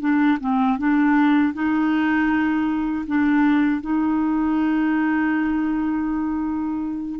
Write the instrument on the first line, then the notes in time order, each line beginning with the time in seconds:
clarinet
0.00 D4
0.40 C4
0.78 D4
1.53 D#4
3.07 D4
3.80 D#4